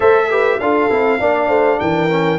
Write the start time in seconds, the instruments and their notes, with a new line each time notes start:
0.00 tuba A3, trombone A4, horn C5, trumpet E5
0.30 trombone G4, horn B4
0.59 tuba D4, trombone F4, horn A4, trumpet F5
0.90 tuba C4, trombone E4
1.19 tuba A#3, trombone D4, horn D5
1.48 tuba A3, horn C5
1.79 tuba E3, horn A#4, trumpet G5
2.09 trombone C#4